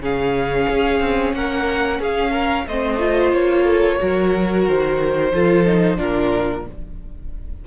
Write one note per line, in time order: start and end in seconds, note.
0.00 0.67 C#3
0.00 2.67 C#4
0.00 1.36 G#4
0.00 1.34 F5
0.70 1.00 C#4
1.00 1.33 C4
1.34 2.00 A#3
1.34 2.01 A#4
1.34 2.01 F#5
2.00 2.67 C#4
2.00 2.32 G#4
2.00 2.68 F5
2.32 2.65 A#4
2.67 3.33 A3
2.67 3.00 C4
2.67 3.64 C5
2.67 3.34 D#5
3.00 3.99 F4
3.33 4.00 A#3
3.33 4.68 C#5
3.64 3.97 A4
3.99 4.68 F#3
3.99 5.33 F#4
3.99 5.33 A#4
4.68 5.33 D#3
4.68 6.00 C5
5.33 6.00 F3
5.33 5.67 F4
5.33 5.98 A4
5.67 5.97 D#4
5.97 6.67 A#2
5.97 6.64 D4
5.97 6.65 F4
5.97 6.67 A#4